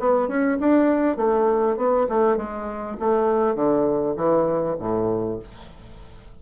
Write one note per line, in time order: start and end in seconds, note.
0.00 0.28 B3
0.28 0.58 C#4
0.60 1.17 D4
1.17 1.77 A3
1.77 2.07 B3
2.09 2.37 A3
2.37 2.97 G#3
3.00 3.55 A3
3.55 4.15 D3
4.17 4.77 E3
4.80 5.40 A2